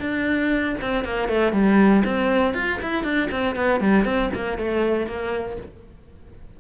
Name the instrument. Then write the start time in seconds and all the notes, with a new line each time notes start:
cello
0.00 D4
0.81 C4
1.05 A#3
1.29 A3
1.53 G3
2.05 C4
2.54 F4
2.82 E4
3.04 D4
3.31 C4
3.56 B3
3.81 G3
4.05 C4
4.35 A#3
4.58 A3
5.07 A#3